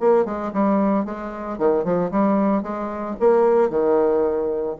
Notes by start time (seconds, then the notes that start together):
0.00 A#3
0.25 G#3
0.53 G3
1.05 G#3
1.58 D#3
1.84 F3
2.11 G3
2.63 G#3
3.20 A#3
3.70 D#3